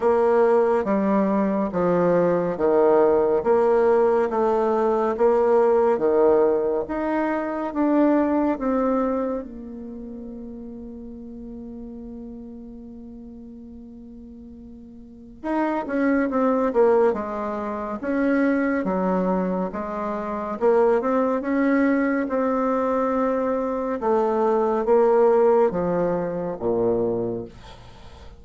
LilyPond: \new Staff \with { instrumentName = "bassoon" } { \time 4/4 \tempo 4 = 70 ais4 g4 f4 dis4 | ais4 a4 ais4 dis4 | dis'4 d'4 c'4 ais4~ | ais1~ |
ais2 dis'8 cis'8 c'8 ais8 | gis4 cis'4 fis4 gis4 | ais8 c'8 cis'4 c'2 | a4 ais4 f4 ais,4 | }